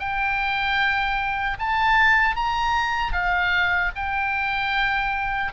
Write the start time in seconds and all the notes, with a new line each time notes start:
0.00 G5
1.60 A5
2.36 A#5
3.13 F5
3.96 G5